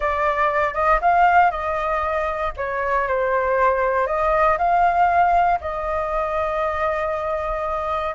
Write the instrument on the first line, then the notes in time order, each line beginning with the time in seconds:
flute
0.00 D5
0.74 D#5
1.01 F5
1.50 D#5
2.57 C#5
3.07 C5
4.06 D#5
4.57 F5
5.60 D#5